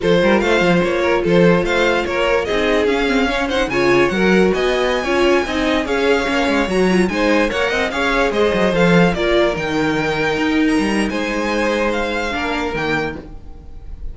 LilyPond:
<<
  \new Staff \with { instrumentName = "violin" } { \time 4/4 \tempo 4 = 146 c''4 f''4 cis''4 c''4 | f''4 cis''4 dis''4 f''4~ | f''8 fis''8 gis''4 fis''4 gis''4~ | gis''2~ gis''16 f''4.~ f''16~ |
f''16 ais''4 gis''4 fis''4 f''8.~ | f''16 dis''4 f''4 d''4 g''8.~ | g''2 ais''4 gis''4~ | gis''4 f''2 g''4 | }
  \new Staff \with { instrumentName = "violin" } { \time 4/4 a'8 ais'8 c''4. ais'8 a'4 | c''4 ais'4 gis'2 | cis''8 c''8 cis''4 ais'4 dis''4~ | dis''16 cis''4 dis''4 cis''4.~ cis''16~ |
cis''4~ cis''16 c''4 cis''8 dis''8 cis''8.~ | cis''16 c''2 ais'4.~ ais'16~ | ais'2. c''4~ | c''2 ais'2 | }
  \new Staff \with { instrumentName = "viola" } { \time 4/4 f'1~ | f'2 dis'4 cis'8 c'8 | cis'8 dis'8 f'4 fis'2~ | fis'16 f'4 dis'4 gis'4 cis'8.~ |
cis'16 fis'8 f'8 dis'4 ais'4 gis'8.~ | gis'4~ gis'16 a'4 f'4 dis'8.~ | dis'1~ | dis'2 d'4 ais4 | }
  \new Staff \with { instrumentName = "cello" } { \time 4/4 f8 g8 a8 f8 ais4 f4 | a4 ais4 c'4 cis'4~ | cis'4 cis4 fis4 b4~ | b16 cis'4 c'4 cis'4 ais8 gis16~ |
gis16 fis4 gis4 ais8 c'8 cis'8.~ | cis'16 gis8 fis8 f4 ais4 dis8.~ | dis4~ dis16 dis'4 g8. gis4~ | gis2 ais4 dis4 | }
>>